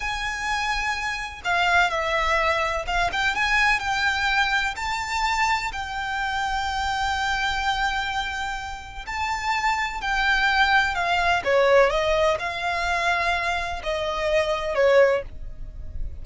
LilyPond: \new Staff \with { instrumentName = "violin" } { \time 4/4 \tempo 4 = 126 gis''2. f''4 | e''2 f''8 g''8 gis''4 | g''2 a''2 | g''1~ |
g''2. a''4~ | a''4 g''2 f''4 | cis''4 dis''4 f''2~ | f''4 dis''2 cis''4 | }